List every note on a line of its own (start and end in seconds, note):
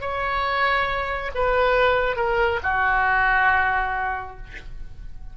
0.00 1.30 C#5
1.34 2.16 B4
2.16 2.59 A#4
2.63 4.37 F#4